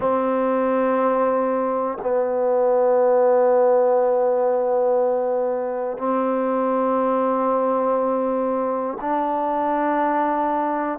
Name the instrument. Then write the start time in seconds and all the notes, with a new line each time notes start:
trombone
0.00 C4
2.01 B3
5.97 C4
9.00 D4